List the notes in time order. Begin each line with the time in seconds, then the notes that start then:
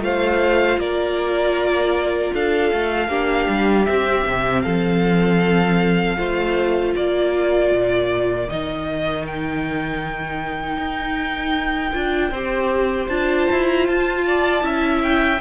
0.00 A3 F4 C5 F5
0.78 A#3 A#4 D5
2.33 D4 A4 F5
2.73 A3
3.08 A#3 D4 G4
3.49 G3
3.85 C4 E5
4.26 C3
4.62 F3 A4 F5
6.17 A3 F4 C5
6.95 A#3 A#4 D5
7.71 A#2
8.48 D#3 D#4 D#5
9.27 G5
10.77 D#4
11.93 D4 F4
12.31 C4 G4 C5
13.08 D4 F4 A5
13.51 E4
13.67 A#5
13.86 F4 A5
14.27 D5
14.62 C#4 E4 E5
15.03 G5